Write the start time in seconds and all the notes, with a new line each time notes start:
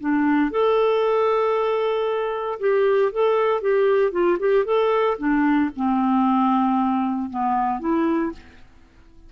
0.00 D4
0.51 A4
2.60 G4
3.12 A4
3.61 G4
4.11 F4
4.39 G4
4.65 A4
5.18 D4
5.76 C4
7.30 B3
7.80 E4